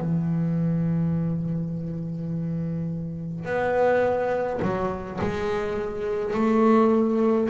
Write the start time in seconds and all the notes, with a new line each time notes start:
0.00 E3
3.45 B3
4.62 F#3
5.21 G#3
6.34 A3